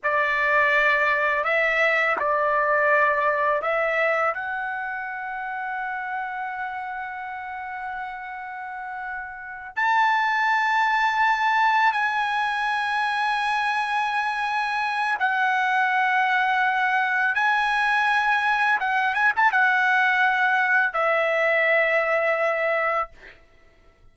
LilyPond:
\new Staff \with { instrumentName = "trumpet" } { \time 4/4 \tempo 4 = 83 d''2 e''4 d''4~ | d''4 e''4 fis''2~ | fis''1~ | fis''4. a''2~ a''8~ |
a''8 gis''2.~ gis''8~ | gis''4 fis''2. | gis''2 fis''8 gis''16 a''16 fis''4~ | fis''4 e''2. | }